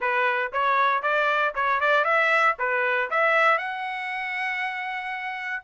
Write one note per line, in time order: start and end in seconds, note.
0.00 0.52 B4
0.52 1.02 C#5
1.02 1.53 D5
1.54 1.80 C#5
1.80 2.04 D5
2.04 2.55 E5
2.58 3.10 B4
3.10 3.58 E5
3.58 5.63 F#5